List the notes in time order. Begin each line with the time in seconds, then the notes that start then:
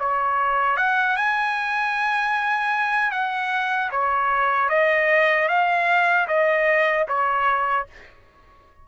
0.00 C#5
0.77 F#5
1.17 G#5
3.11 F#5
3.92 C#5
4.69 D#5
5.49 F5
6.28 D#5
7.08 C#5